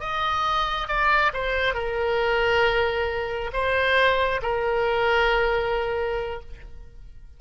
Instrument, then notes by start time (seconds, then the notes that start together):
oboe
0.00 D#5
0.88 D5
1.34 C5
1.75 A#4
3.53 C5
4.43 A#4